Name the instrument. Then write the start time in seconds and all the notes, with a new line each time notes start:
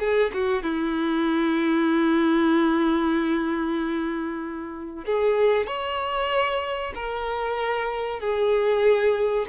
violin
0.00 G#4
0.34 F#4
0.63 E4
5.06 G#4
5.67 C#5
6.95 A#4
8.20 G#4